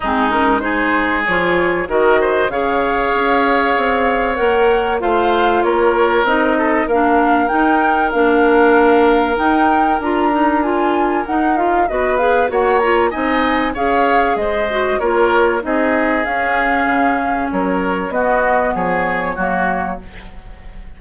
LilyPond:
<<
  \new Staff \with { instrumentName = "flute" } { \time 4/4 \tempo 4 = 96 gis'8 ais'8 c''4 cis''4 dis''4 | f''2. fis''4 | f''4 cis''4 dis''4 f''4 | g''4 f''2 g''4 |
ais''4 gis''4 fis''8 f''8 dis''8 f''8 | fis''8 ais''8 gis''4 f''4 dis''4 | cis''4 dis''4 f''2 | cis''4 dis''4 cis''2 | }
  \new Staff \with { instrumentName = "oboe" } { \time 4/4 dis'4 gis'2 ais'8 c''8 | cis''1 | c''4 ais'4. a'8 ais'4~ | ais'1~ |
ais'2. b'4 | cis''4 dis''4 cis''4 c''4 | ais'4 gis'2. | ais'4 fis'4 gis'4 fis'4 | }
  \new Staff \with { instrumentName = "clarinet" } { \time 4/4 c'8 cis'8 dis'4 f'4 fis'4 | gis'2. ais'4 | f'2 dis'4 d'4 | dis'4 d'2 dis'4 |
f'8 dis'8 f'4 dis'8 f'8 fis'8 gis'8 | fis'8 f'8 dis'4 gis'4. fis'8 | f'4 dis'4 cis'2~ | cis'4 b2 ais4 | }
  \new Staff \with { instrumentName = "bassoon" } { \time 4/4 gis2 f4 dis4 | cis4 cis'4 c'4 ais4 | a4 ais4 c'4 ais4 | dis'4 ais2 dis'4 |
d'2 dis'4 b4 | ais4 c'4 cis'4 gis4 | ais4 c'4 cis'4 cis4 | fis4 b4 f4 fis4 | }
>>